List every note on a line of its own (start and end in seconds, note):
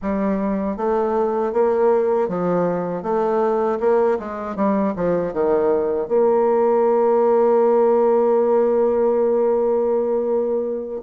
0.02 0.77 G3
0.77 1.52 A3
1.52 2.28 A#3
2.28 3.02 F3
3.02 3.78 A3
3.79 4.17 A#3
4.19 4.56 G#3
4.56 4.94 G3
4.95 5.33 F3
5.33 6.08 D#3
6.08 11.01 A#3